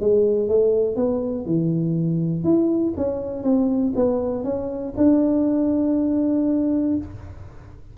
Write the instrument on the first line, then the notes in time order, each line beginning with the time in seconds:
tuba
0.00 G#3
0.48 A3
0.96 B3
1.46 E3
2.44 E4
2.97 C#4
3.43 C4
3.95 B3
4.44 C#4
4.97 D4